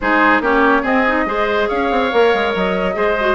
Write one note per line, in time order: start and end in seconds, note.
0.00 0.40 G#3
0.00 0.42 D#4
0.00 0.42 G#4
0.00 0.43 C5
0.40 0.82 A#3
0.40 0.83 C#4
0.40 0.82 G4
0.40 0.84 C#5
0.82 1.04 C4
0.82 1.26 C4
0.82 1.24 G#4
0.82 1.68 D#5
1.07 1.26 D#4
1.26 1.68 G#3
1.26 2.11 G#4
1.26 1.69 C5
1.68 1.90 C#4
1.68 2.95 C#5
1.68 2.53 F5
1.90 2.11 C4
2.11 2.33 A#3
2.11 2.93 A#4
2.33 2.55 G#3
2.55 2.95 F#3
2.55 3.35 D#5
2.93 3.35 G#3
2.93 3.14 G#4
2.93 3.35 C5
3.20 3.35 F#4